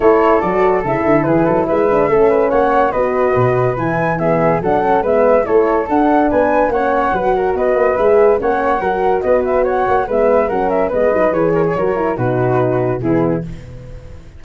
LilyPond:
<<
  \new Staff \with { instrumentName = "flute" } { \time 4/4 \tempo 4 = 143 cis''4 d''4 e''4 b'4 | e''2 fis''4 dis''4~ | dis''4 gis''4 e''4 fis''4 | e''4 cis''4 fis''4 gis''4 |
fis''2 dis''4 e''4 | fis''2 dis''8 e''8 fis''4 | e''4 fis''8 e''8 dis''4 cis''4~ | cis''4 b'2 gis'4 | }
  \new Staff \with { instrumentName = "flute" } { \time 4/4 a'2. gis'8 a'8 | b'4 a'8 b'8 cis''4 b'4~ | b'2 gis'4 a'4 | b'4 a'2 b'4 |
cis''4 b'8 ais'8 b'2 | cis''4 ais'4 b'4 cis''4 | b'4 ais'4 b'4. ais'16 gis'16 | ais'4 fis'2 e'4 | }
  \new Staff \with { instrumentName = "horn" } { \time 4/4 e'4 fis'4 e'2~ | e'8 d'8 cis'2 fis'4~ | fis'4 e'4 b4 d'8 cis'8 | b4 e'4 d'2 |
cis'4 fis'2 gis'4 | cis'4 fis'2. | b4 cis'4 b8 dis'8 gis'4 | fis'8 e'8 dis'2 b4 | }
  \new Staff \with { instrumentName = "tuba" } { \time 4/4 a4 fis4 cis8 d8 e8 fis8 | gis4 a4 ais4 b4 | b,4 e2 fis4 | gis4 a4 d'4 b4 |
ais4 fis4 b8 ais8 gis4 | ais4 fis4 b4. ais8 | gis4 fis4 gis8 fis8 e4 | fis4 b,2 e4 | }
>>